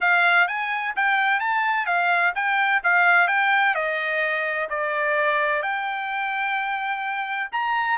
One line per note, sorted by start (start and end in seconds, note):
0.00 0.47 F5
0.47 0.94 G#5
0.96 1.40 G5
1.40 1.86 A5
1.86 2.33 F5
2.35 2.82 G5
2.83 3.27 F5
3.27 3.74 G5
3.74 4.68 D#5
4.69 5.62 D5
5.62 7.49 G5
7.51 7.98 A#5